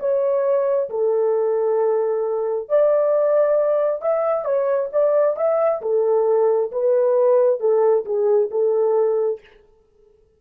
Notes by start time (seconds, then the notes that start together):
0.00 C#5
0.90 A4
2.69 D5
4.02 E5
4.45 C#5
4.93 D5
5.36 E5
5.82 A4
6.72 B4
7.60 A4
8.06 G#4
8.51 A4